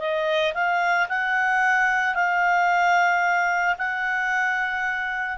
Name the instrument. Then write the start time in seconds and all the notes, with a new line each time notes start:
clarinet
0.00 D#5
0.55 F5
1.09 F#5
2.15 F5
3.78 F#5